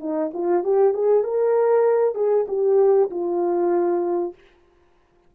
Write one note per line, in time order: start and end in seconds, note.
0.00 0.31 D#4
0.33 0.63 F4
0.63 0.93 G4
0.93 1.23 G#4
1.23 2.15 A#4
2.15 2.46 G#4
2.48 3.10 G4
3.10 4.34 F4